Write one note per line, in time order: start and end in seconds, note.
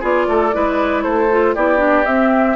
0.00 0.27 B3
0.00 0.52 F4
0.00 0.26 G#4
0.00 1.03 D5
0.27 0.53 A3
0.27 0.55 A4
0.53 1.05 G#3
0.53 1.29 E4
0.53 1.04 B4
1.03 1.56 A3
1.03 1.55 A4
1.03 1.54 C5
1.30 1.56 F4
1.55 2.06 B3
1.55 1.78 E4
1.55 2.56 G4
1.55 2.05 D5
1.78 2.03 D4
2.05 2.56 C4
2.05 2.56 E5